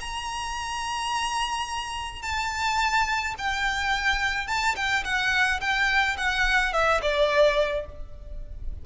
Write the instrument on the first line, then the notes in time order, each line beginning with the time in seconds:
violin
0.00 A#5
2.22 A5
3.38 G5
4.47 A5
4.75 G5
5.04 F#5
5.60 G5
6.17 F#5
6.73 E5
7.01 D5